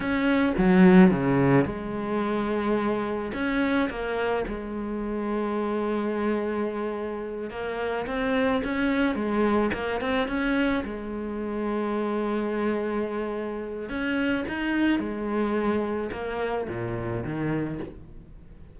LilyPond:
\new Staff \with { instrumentName = "cello" } { \time 4/4 \tempo 4 = 108 cis'4 fis4 cis4 gis4~ | gis2 cis'4 ais4 | gis1~ | gis4. ais4 c'4 cis'8~ |
cis'8 gis4 ais8 c'8 cis'4 gis8~ | gis1~ | gis4 cis'4 dis'4 gis4~ | gis4 ais4 ais,4 dis4 | }